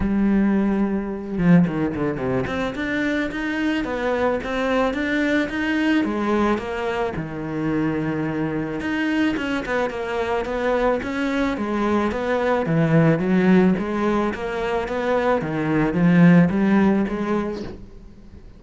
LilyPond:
\new Staff \with { instrumentName = "cello" } { \time 4/4 \tempo 4 = 109 g2~ g8 f8 dis8 d8 | c8 c'8 d'4 dis'4 b4 | c'4 d'4 dis'4 gis4 | ais4 dis2. |
dis'4 cis'8 b8 ais4 b4 | cis'4 gis4 b4 e4 | fis4 gis4 ais4 b4 | dis4 f4 g4 gis4 | }